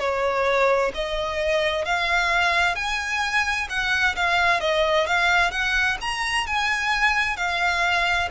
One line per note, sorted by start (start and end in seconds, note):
0.00 0.92 C#5
0.94 1.85 D#5
1.85 2.76 F5
2.76 3.68 G#5
3.70 4.16 F#5
4.16 4.61 F5
4.61 5.07 D#5
5.07 5.52 F5
5.52 5.98 F#5
6.01 6.47 A#5
6.47 7.37 G#5
7.37 8.29 F5